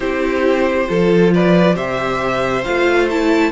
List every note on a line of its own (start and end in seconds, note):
0.00 0.87 C4
0.00 0.87 E4
0.00 0.87 G4
0.00 1.31 C5
0.87 1.75 F3
0.87 1.75 F4
0.87 1.33 A4
1.33 1.75 B4
1.33 1.76 D5
1.75 2.63 C3
1.75 2.63 G4
1.75 3.51 C5
1.75 2.64 E5
2.64 3.51 A3
2.64 3.10 F4
2.64 3.08 F5
3.10 3.51 E4
3.10 3.51 A5